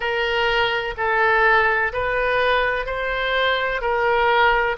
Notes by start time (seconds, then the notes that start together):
0.00 A#4
0.97 A4
1.92 B4
2.86 C5
3.81 A#4